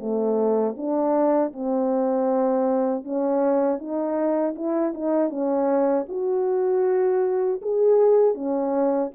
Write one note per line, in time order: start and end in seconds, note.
0.00 0.76 A3
0.77 1.53 D4
1.53 3.04 C4
3.04 3.79 C#4
3.79 4.55 D#4
4.56 4.94 E4
4.94 5.30 D#4
5.30 6.06 C#4
6.09 7.61 F#4
7.62 8.35 G#4
8.35 9.11 C#4